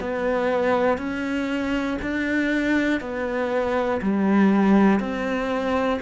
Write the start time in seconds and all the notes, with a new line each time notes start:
0.00 B3
0.98 C#4
2.02 D4
3.01 B3
4.02 G3
5.00 C4